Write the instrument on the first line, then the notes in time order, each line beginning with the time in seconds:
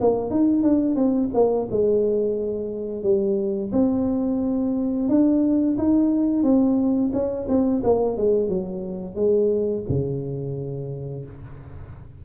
tuba
0.00 A#3
0.30 D#4
0.63 D4
0.95 C4
1.34 A#3
1.70 G#3
3.02 G3
3.72 C4
5.08 D4
5.78 D#4
6.43 C4
7.13 C#4
7.48 C4
7.83 A#3
8.17 G#3
8.49 F#3
9.15 G#3
9.88 C#3